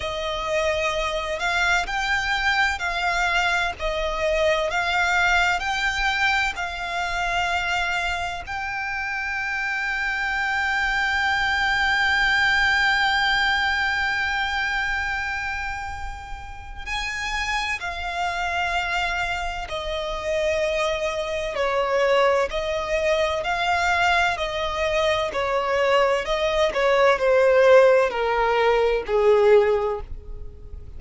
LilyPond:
\new Staff \with { instrumentName = "violin" } { \time 4/4 \tempo 4 = 64 dis''4. f''8 g''4 f''4 | dis''4 f''4 g''4 f''4~ | f''4 g''2.~ | g''1~ |
g''2 gis''4 f''4~ | f''4 dis''2 cis''4 | dis''4 f''4 dis''4 cis''4 | dis''8 cis''8 c''4 ais'4 gis'4 | }